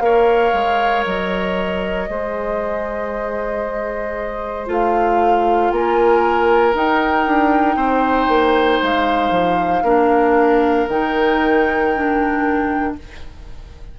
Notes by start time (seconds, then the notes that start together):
0.00 A#3 A#4 C#5 F5
0.53 G#3
1.05 F#3 D#5
2.08 G#3 G#4 C5
4.66 A3 F4 F5
5.70 A#3 A#4 G#5
6.73 D#4 G5
7.26 D4
7.76 C4 C5
8.28 A#3
8.81 G#3 F5
9.30 F3
9.83 A#3 D4 A#4
10.88 D#3 D#4 G5
11.95 D4